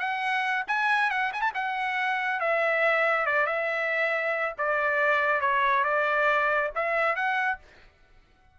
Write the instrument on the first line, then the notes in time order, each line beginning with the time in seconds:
trumpet
0.00 F#5
0.68 G#5
1.11 F#5
1.33 G#5
1.42 A5
1.55 F#5
2.40 E5
3.26 D5
3.47 E5
4.58 D5
5.41 C#5
5.84 D5
6.76 E5
7.16 F#5